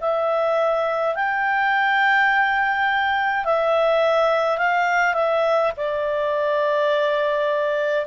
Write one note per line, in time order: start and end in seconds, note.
0.00 1.15 E5
1.15 3.45 G5
3.45 4.58 E5
4.58 5.13 F5
5.13 5.71 E5
5.76 8.06 D5